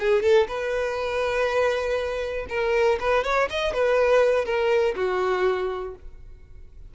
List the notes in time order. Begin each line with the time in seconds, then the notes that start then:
0.00 G#4
0.23 A4
0.49 B4
2.50 A#4
3.01 B4
3.25 C#5
3.50 D#5
3.74 B4
4.46 A#4
4.96 F#4